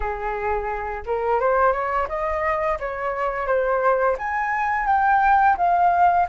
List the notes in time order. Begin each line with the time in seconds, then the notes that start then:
0.00 G#4
1.06 A#4
1.40 C5
1.72 C#5
2.08 D#5
2.79 C#5
3.46 C5
4.18 G#5
4.86 G5
5.57 F5